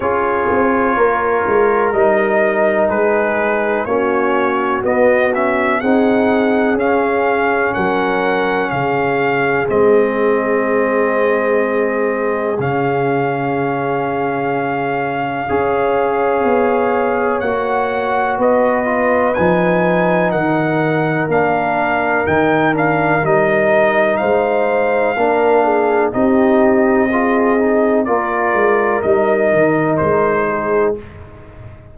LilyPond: <<
  \new Staff \with { instrumentName = "trumpet" } { \time 4/4 \tempo 4 = 62 cis''2 dis''4 b'4 | cis''4 dis''8 e''8 fis''4 f''4 | fis''4 f''4 dis''2~ | dis''4 f''2.~ |
f''2 fis''4 dis''4 | gis''4 fis''4 f''4 g''8 f''8 | dis''4 f''2 dis''4~ | dis''4 d''4 dis''4 c''4 | }
  \new Staff \with { instrumentName = "horn" } { \time 4/4 gis'4 ais'2 gis'4 | fis'2 gis'2 | ais'4 gis'2.~ | gis'1 |
cis''2. b'4~ | b'4 ais'2.~ | ais'4 c''4 ais'8 gis'8 g'4 | gis'4 ais'2~ ais'8 gis'8 | }
  \new Staff \with { instrumentName = "trombone" } { \time 4/4 f'2 dis'2 | cis'4 b8 cis'8 dis'4 cis'4~ | cis'2 c'2~ | c'4 cis'2. |
gis'2 fis'4. f'8 | dis'2 d'4 dis'8 d'8 | dis'2 d'4 dis'4 | f'8 dis'8 f'4 dis'2 | }
  \new Staff \with { instrumentName = "tuba" } { \time 4/4 cis'8 c'8 ais8 gis8 g4 gis4 | ais4 b4 c'4 cis'4 | fis4 cis4 gis2~ | gis4 cis2. |
cis'4 b4 ais4 b4 | f4 dis4 ais4 dis4 | g4 gis4 ais4 c'4~ | c'4 ais8 gis8 g8 dis8 gis4 | }
>>